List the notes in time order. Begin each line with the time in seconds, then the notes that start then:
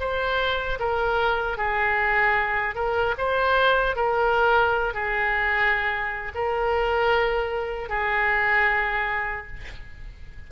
0.00 C5
0.79 A#4
1.58 G#4
2.75 A#4
3.18 C5
3.96 A#4
4.94 G#4
6.34 A#4
7.89 G#4